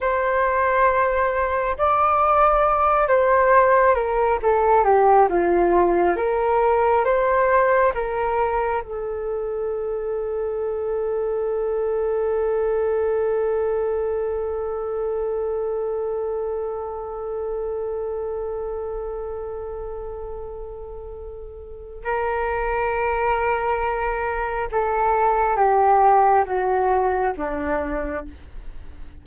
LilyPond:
\new Staff \with { instrumentName = "flute" } { \time 4/4 \tempo 4 = 68 c''2 d''4. c''8~ | c''8 ais'8 a'8 g'8 f'4 ais'4 | c''4 ais'4 a'2~ | a'1~ |
a'1~ | a'1~ | a'4 ais'2. | a'4 g'4 fis'4 d'4 | }